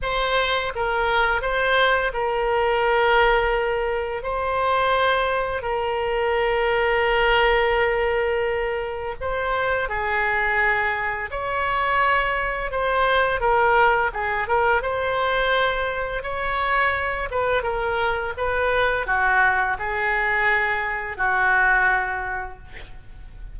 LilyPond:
\new Staff \with { instrumentName = "oboe" } { \time 4/4 \tempo 4 = 85 c''4 ais'4 c''4 ais'4~ | ais'2 c''2 | ais'1~ | ais'4 c''4 gis'2 |
cis''2 c''4 ais'4 | gis'8 ais'8 c''2 cis''4~ | cis''8 b'8 ais'4 b'4 fis'4 | gis'2 fis'2 | }